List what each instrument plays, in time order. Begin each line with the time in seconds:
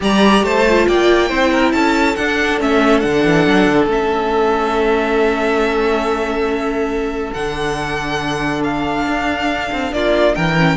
0.00 cello G3, viola G4, violin D5 A#5
0.43 cello A3, violin C5 A5
0.68 viola F4
0.87 cello A#3, violin D5 G5
1.28 cello C4, viola E4, violin C5
1.52 violin A#4
1.72 cello C#4, violin A4 A5
2.15 cello D4, viola D4, violin F#5
2.59 cello A3, viola C#4, violin E5
2.99 cello D3, viola D4, violin F#5
3.24 cello E3
3.46 cello F#3
3.67 cello D3
3.86 cello A3, viola C#4, violin E5
7.33 cello D3, viola D4, violin F#5
8.63 violin F5
9.06 cello D4
9.72 cello C4
9.91 cello A#3, violin F4 D5
10.35 cello E3, violin A#4 G5
10.58 viola C#4